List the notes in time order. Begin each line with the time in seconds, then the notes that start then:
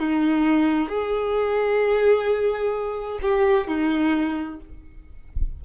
0.00 D#4
0.89 G#4
3.22 G4
3.68 D#4